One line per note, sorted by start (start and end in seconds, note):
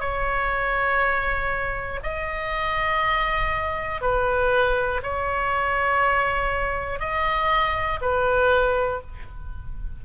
0.00 2.00 C#5
2.03 4.01 D#5
4.01 5.01 B4
5.03 7.00 C#5
7.00 8.00 D#5
8.01 9.01 B4